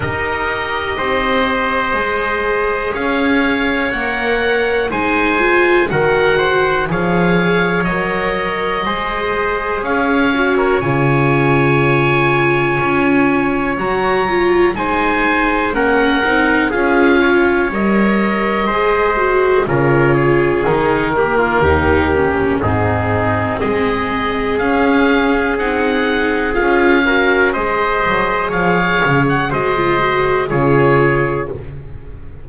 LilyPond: <<
  \new Staff \with { instrumentName = "oboe" } { \time 4/4 \tempo 4 = 61 dis''2. f''4 | fis''4 gis''4 fis''4 f''4 | dis''2 f''8. ais'16 gis''4~ | gis''2 ais''4 gis''4 |
fis''4 f''4 dis''2 | cis''4 ais'2 gis'4 | dis''4 f''4 fis''4 f''4 | dis''4 f''8. fis''16 dis''4 cis''4 | }
  \new Staff \with { instrumentName = "trumpet" } { \time 4/4 ais'4 c''2 cis''4~ | cis''4 c''4 ais'8 c''8 cis''4~ | cis''4 c''4 cis''2~ | cis''2. c''4 |
ais'4 gis'8 cis''4. c''4 | ais'8 gis'4 g'16 f'16 g'4 dis'4 | gis'2.~ gis'8 ais'8 | c''4 cis''4 c''4 gis'4 | }
  \new Staff \with { instrumentName = "viola" } { \time 4/4 g'2 gis'2 | ais'4 dis'8 f'8 fis'4 gis'4 | ais'4 gis'4. fis'8 f'4~ | f'2 fis'8 f'8 dis'4 |
cis'8 dis'8 f'4 ais'4 gis'8 fis'8 | f'4 dis'8 ais8 dis'8 cis'8 c'4~ | c'4 cis'4 dis'4 f'8 fis'8 | gis'2 fis'16 f'16 fis'8 f'4 | }
  \new Staff \with { instrumentName = "double bass" } { \time 4/4 dis'4 c'4 gis4 cis'4 | ais4 gis4 dis4 f4 | fis4 gis4 cis'4 cis4~ | cis4 cis'4 fis4 gis4 |
ais8 c'8 cis'4 g4 gis4 | cis4 dis4 dis,4 gis,4 | gis4 cis'4 c'4 cis'4 | gis8 fis8 f8 cis8 gis4 cis4 | }
>>